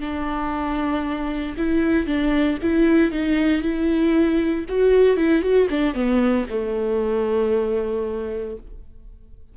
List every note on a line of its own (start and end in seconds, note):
0.00 1.55 D4
1.57 2.06 E4
2.06 2.58 D4
2.62 3.11 E4
3.11 3.61 D#4
3.61 4.65 E4
4.68 5.16 F#4
5.16 5.42 E4
5.42 5.68 F#4
5.69 5.94 D4
5.94 6.46 B3
6.49 8.56 A3